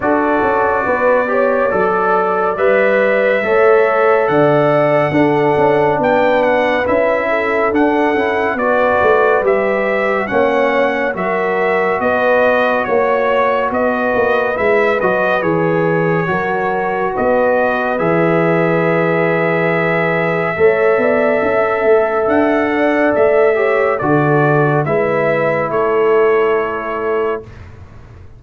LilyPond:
<<
  \new Staff \with { instrumentName = "trumpet" } { \time 4/4 \tempo 4 = 70 d''2. e''4~ | e''4 fis''2 g''8 fis''8 | e''4 fis''4 d''4 e''4 | fis''4 e''4 dis''4 cis''4 |
dis''4 e''8 dis''8 cis''2 | dis''4 e''2.~ | e''2 fis''4 e''4 | d''4 e''4 cis''2 | }
  \new Staff \with { instrumentName = "horn" } { \time 4/4 a'4 b'8 cis''8 d''2 | cis''4 d''4 a'4 b'4~ | b'8 a'4. b'2 | cis''4 ais'4 b'4 cis''4 |
b'2. ais'4 | b'1 | cis''8 d''8 e''4. d''4 cis''8 | a'4 b'4 a'2 | }
  \new Staff \with { instrumentName = "trombone" } { \time 4/4 fis'4. g'8 a'4 b'4 | a'2 d'2 | e'4 d'8 e'8 fis'4 g'4 | cis'4 fis'2.~ |
fis'4 e'8 fis'8 gis'4 fis'4~ | fis'4 gis'2. | a'2.~ a'8 g'8 | fis'4 e'2. | }
  \new Staff \with { instrumentName = "tuba" } { \time 4/4 d'8 cis'8 b4 fis4 g4 | a4 d4 d'8 cis'8 b4 | cis'4 d'8 cis'8 b8 a8 g4 | ais4 fis4 b4 ais4 |
b8 ais8 gis8 fis8 e4 fis4 | b4 e2. | a8 b8 cis'8 a8 d'4 a4 | d4 gis4 a2 | }
>>